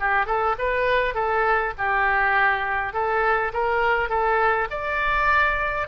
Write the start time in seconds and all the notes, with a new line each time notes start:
0.00 G4
0.26 A4
0.59 B4
1.14 A4
1.78 G4
2.93 A4
3.53 A#4
4.09 A4
4.71 D5